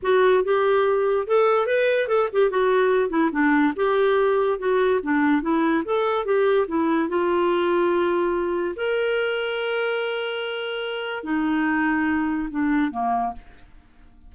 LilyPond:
\new Staff \with { instrumentName = "clarinet" } { \time 4/4 \tempo 4 = 144 fis'4 g'2 a'4 | b'4 a'8 g'8 fis'4. e'8 | d'4 g'2 fis'4 | d'4 e'4 a'4 g'4 |
e'4 f'2.~ | f'4 ais'2.~ | ais'2. dis'4~ | dis'2 d'4 ais4 | }